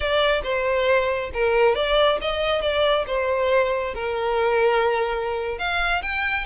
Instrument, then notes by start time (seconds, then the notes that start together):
violin
0.00 D5
0.43 C5
1.33 A#4
1.75 D5
2.21 D#5
2.61 D5
3.06 C5
3.94 A#4
5.58 F5
6.02 G5